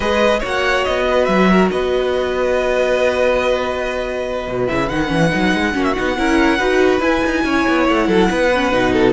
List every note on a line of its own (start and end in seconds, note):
0.00 0.41 G#3
0.00 0.41 G#4
0.00 0.39 B4
0.00 0.40 D#5
0.39 0.86 A#3
0.39 4.65 F#4
0.39 1.03 C#5
0.45 0.84 F#5
0.84 1.27 B3
0.84 1.25 D#5
1.09 1.50 B4
1.25 1.70 F#3
1.25 1.67 E5
1.50 1.72 A#4
1.70 4.47 B3
1.70 5.74 B4
1.70 4.67 D#5
4.47 4.69 B2
4.65 4.90 C#3
4.65 4.87 E4
4.65 4.88 E5
4.88 5.11 D#3
4.88 5.06 D#4
4.88 5.84 F#5
5.06 5.33 E3
5.06 5.28 C#4
5.30 5.53 F#3
5.30 5.73 D#4
5.53 5.74 G#3
5.73 5.96 A#3
5.73 5.94 C#4
5.73 6.16 F#4
5.84 5.93 E5
5.93 6.18 B3
5.93 6.16 D#4
5.93 6.99 F#5
6.17 6.59 C#4
6.17 6.58 E4
6.17 6.57 A#4
6.57 6.99 D#4
6.57 7.01 F#4
6.57 7.42 B4
6.99 7.20 E4
6.99 8.50 E4
6.99 7.86 G#5
7.25 7.44 D#4
7.44 7.65 C#4
7.44 8.07 C#5
7.67 7.89 B3
7.89 8.07 A3
7.89 9.12 F#5
8.07 8.29 F#3
8.07 8.28 A4
8.30 8.72 B3
8.30 8.93 B4
8.54 8.72 C#4
8.72 9.12 B2
8.72 9.12 D#4
8.93 9.12 A4